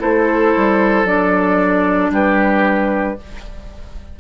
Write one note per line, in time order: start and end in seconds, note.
0.00 0.54 A3
0.00 1.05 E4
0.00 2.11 A4
0.00 1.07 C5
0.57 1.05 G3
1.05 2.10 F#3
1.05 3.17 D4
1.05 2.12 D5
2.11 3.16 G3
2.11 3.18 G4
2.11 3.20 B4